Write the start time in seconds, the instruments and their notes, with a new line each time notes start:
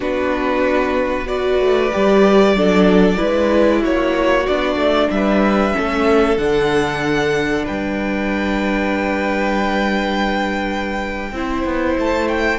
0.00 cello B3, viola D4, violin F#4 B4
1.25 viola F#4, violin B4 D5
1.59 cello A3
1.92 cello G3, viola G4
2.53 cello F#3, viola D4, violin A4
3.16 cello G#3, viola E4, violin B4
3.81 cello A#3, violin F#4 C#5
4.46 cello B3, viola D4, violin D5
4.76 cello A3
5.10 cello G3, violin B4 E5
5.72 cello A3, viola C#4, violin A4
6.37 cello D3, viola D4, violin F#5
7.64 cello G3, violin B4 G5
11.32 cello C4, viola E4, violin C5
11.64 cello B3
11.98 cello A3, violin A5
12.28 violin G5